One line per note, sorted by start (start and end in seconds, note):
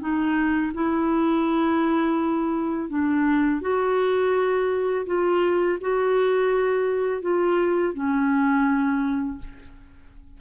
0.00 0.72 D#4
0.74 2.89 E4
2.89 3.61 D4
3.61 5.06 F#4
5.06 5.78 F4
5.81 7.22 F#4
7.22 7.94 F4
7.94 9.39 C#4